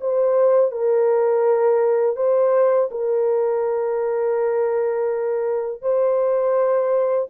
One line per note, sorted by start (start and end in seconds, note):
0.00 0.71 C5
0.71 2.16 A#4
2.16 2.89 C5
2.91 5.81 A#4
5.81 7.28 C5